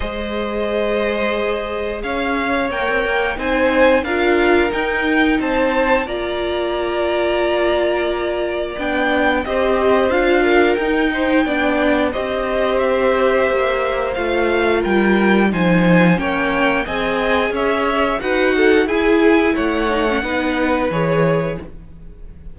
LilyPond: <<
  \new Staff \with { instrumentName = "violin" } { \time 4/4 \tempo 4 = 89 dis''2. f''4 | g''4 gis''4 f''4 g''4 | a''4 ais''2.~ | ais''4 g''4 dis''4 f''4 |
g''2 dis''4 e''4~ | e''4 f''4 g''4 gis''4 | g''4 gis''4 e''4 fis''4 | gis''4 fis''2 cis''4 | }
  \new Staff \with { instrumentName = "violin" } { \time 4/4 c''2. cis''4~ | cis''4 c''4 ais'2 | c''4 d''2.~ | d''2 c''4. ais'8~ |
ais'8 c''8 d''4 c''2~ | c''2 ais'4 c''4 | cis''4 dis''4 cis''4 b'8 a'8 | gis'4 cis''4 b'2 | }
  \new Staff \with { instrumentName = "viola" } { \time 4/4 gis'1 | ais'4 dis'4 f'4 dis'4~ | dis'4 f'2.~ | f'4 d'4 g'4 f'4 |
dis'4 d'4 g'2~ | g'4 f'2 dis'4 | cis'4 gis'2 fis'4 | e'4. dis'16 cis'16 dis'4 gis'4 | }
  \new Staff \with { instrumentName = "cello" } { \time 4/4 gis2. cis'4 | ais16 c'16 ais8 c'4 d'4 dis'4 | c'4 ais2.~ | ais4 b4 c'4 d'4 |
dis'4 b4 c'2 | ais4 a4 g4 f4 | ais4 c'4 cis'4 dis'4 | e'4 a4 b4 e4 | }
>>